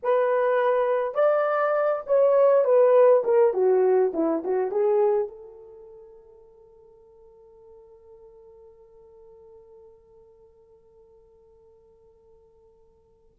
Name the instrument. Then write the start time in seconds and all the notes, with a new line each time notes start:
horn
0.02 B4
1.14 D5
2.06 C#5
2.64 B4
3.24 A#4
3.53 F#4
4.13 E4
4.44 F#4
4.71 G#4
5.28 A4